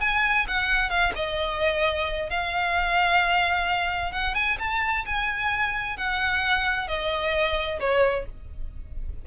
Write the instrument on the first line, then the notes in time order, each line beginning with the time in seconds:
violin
0.00 G#5
0.47 F#5
0.89 F5
1.15 D#5
2.29 F5
4.12 F#5
4.34 G#5
4.59 A5
5.05 G#5
5.97 F#5
6.87 D#5
7.79 C#5